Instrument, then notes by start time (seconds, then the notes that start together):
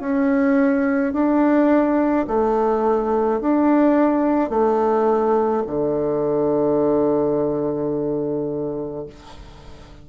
bassoon
0.00 C#4
1.13 D4
2.27 A3
3.40 D4
4.49 A3
5.66 D3